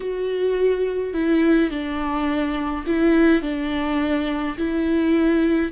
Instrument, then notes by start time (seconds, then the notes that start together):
viola
0.00 F#4
1.13 E4
1.70 D4
2.86 E4
3.42 D4
4.57 E4